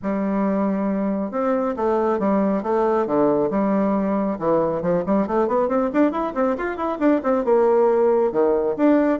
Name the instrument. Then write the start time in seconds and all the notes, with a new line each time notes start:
bassoon
0.02 G3
1.31 C4
1.76 A3
2.19 G3
2.62 A3
3.06 D3
3.50 G3
4.38 E3
4.82 F3
5.05 G3
5.27 A3
5.47 B3
5.68 C4
5.93 D4
6.11 E4
6.34 C4
6.57 F4
6.76 E4
6.99 D4
7.23 C4
7.44 A#3
8.32 D#3
8.77 D4